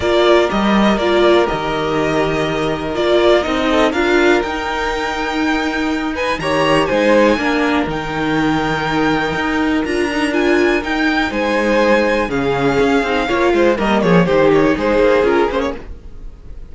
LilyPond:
<<
  \new Staff \with { instrumentName = "violin" } { \time 4/4 \tempo 4 = 122 d''4 dis''4 d''4 dis''4~ | dis''2 d''4 dis''4 | f''4 g''2.~ | g''8 gis''8 ais''4 gis''2 |
g''1 | ais''4 gis''4 g''4 gis''4~ | gis''4 f''2. | dis''8 cis''8 c''8 cis''8 c''4 ais'8 c''16 cis''16 | }
  \new Staff \with { instrumentName = "violin" } { \time 4/4 ais'1~ | ais'2.~ ais'8 a'8 | ais'1~ | ais'8 b'8 cis''4 c''4 ais'4~ |
ais'1~ | ais'2. c''4~ | c''4 gis'2 cis''8 c''8 | ais'8 gis'8 g'4 gis'2 | }
  \new Staff \with { instrumentName = "viola" } { \time 4/4 f'4 g'4 f'4 g'4~ | g'2 f'4 dis'4 | f'4 dis'2.~ | dis'4 g'4 dis'4 d'4 |
dis'1 | f'8 dis'8 f'4 dis'2~ | dis'4 cis'4. dis'8 f'4 | ais4 dis'2 f'8 cis'8 | }
  \new Staff \with { instrumentName = "cello" } { \time 4/4 ais4 g4 ais4 dis4~ | dis2 ais4 c'4 | d'4 dis'2.~ | dis'4 dis4 gis4 ais4 |
dis2. dis'4 | d'2 dis'4 gis4~ | gis4 cis4 cis'8 c'8 ais8 gis8 | g8 f8 dis4 gis8 ais8 cis'8 ais8 | }
>>